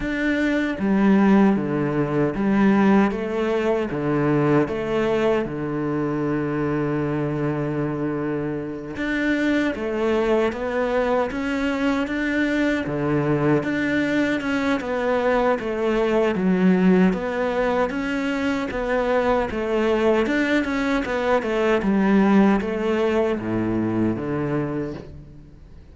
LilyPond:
\new Staff \with { instrumentName = "cello" } { \time 4/4 \tempo 4 = 77 d'4 g4 d4 g4 | a4 d4 a4 d4~ | d2.~ d8 d'8~ | d'8 a4 b4 cis'4 d'8~ |
d'8 d4 d'4 cis'8 b4 | a4 fis4 b4 cis'4 | b4 a4 d'8 cis'8 b8 a8 | g4 a4 a,4 d4 | }